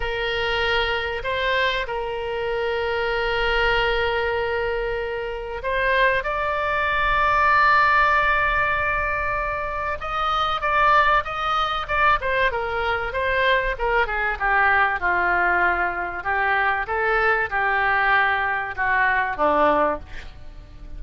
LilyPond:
\new Staff \with { instrumentName = "oboe" } { \time 4/4 \tempo 4 = 96 ais'2 c''4 ais'4~ | ais'1~ | ais'4 c''4 d''2~ | d''1 |
dis''4 d''4 dis''4 d''8 c''8 | ais'4 c''4 ais'8 gis'8 g'4 | f'2 g'4 a'4 | g'2 fis'4 d'4 | }